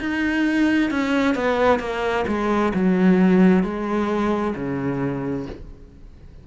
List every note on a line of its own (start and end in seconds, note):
0.00 0.91 D#4
0.91 1.35 C#4
1.35 1.80 B3
1.80 2.25 A#3
2.27 2.73 G#3
2.74 3.63 F#3
3.63 4.54 G#3
4.55 5.46 C#3